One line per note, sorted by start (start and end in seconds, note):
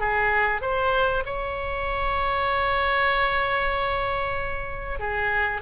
0.00 0.62 G#4
0.62 1.24 C5
1.26 4.99 C#5
4.99 5.62 G#4